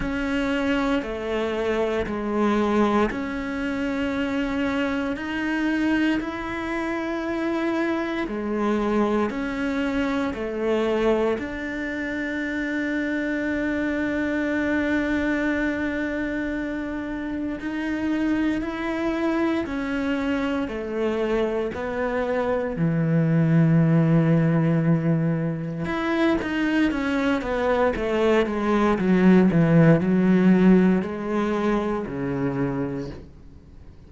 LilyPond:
\new Staff \with { instrumentName = "cello" } { \time 4/4 \tempo 4 = 58 cis'4 a4 gis4 cis'4~ | cis'4 dis'4 e'2 | gis4 cis'4 a4 d'4~ | d'1~ |
d'4 dis'4 e'4 cis'4 | a4 b4 e2~ | e4 e'8 dis'8 cis'8 b8 a8 gis8 | fis8 e8 fis4 gis4 cis4 | }